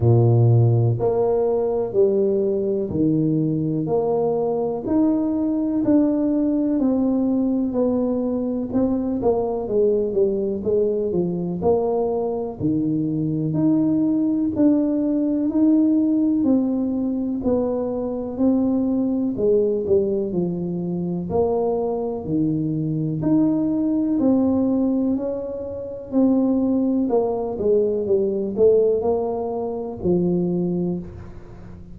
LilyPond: \new Staff \with { instrumentName = "tuba" } { \time 4/4 \tempo 4 = 62 ais,4 ais4 g4 dis4 | ais4 dis'4 d'4 c'4 | b4 c'8 ais8 gis8 g8 gis8 f8 | ais4 dis4 dis'4 d'4 |
dis'4 c'4 b4 c'4 | gis8 g8 f4 ais4 dis4 | dis'4 c'4 cis'4 c'4 | ais8 gis8 g8 a8 ais4 f4 | }